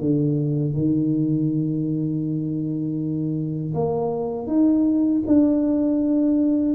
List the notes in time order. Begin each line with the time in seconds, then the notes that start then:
0.00 D3
0.74 D#3
3.74 A#3
4.47 D#4
5.27 D4